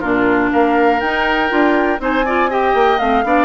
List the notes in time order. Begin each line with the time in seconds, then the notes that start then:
0.00 A#2 D4 F4 A#4
0.52 A#3 A#4 F5
1.00 D#4 G5
1.48 D4 F4
1.99 C4 D#4 C5 G#5
2.25 F4 D5
2.49 G4 D#5 G5
2.74 A#3
2.98 A3 C4 F5
3.24 B3 D4 D5